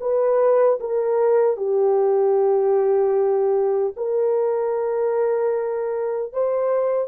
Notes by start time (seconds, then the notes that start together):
0.00 B4
0.80 A#4
1.57 G4
3.96 A#4
6.32 C5